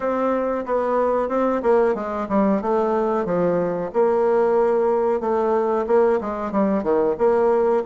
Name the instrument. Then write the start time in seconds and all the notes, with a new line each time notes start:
bassoon
0.00 C4
0.65 B3
1.28 C4
1.62 A#3
1.94 G#3
2.29 G3
2.61 A3
3.25 F3
3.93 A#3
5.20 A3
5.86 A#3
6.20 G#3
6.51 G3
6.83 D#3
7.17 A#3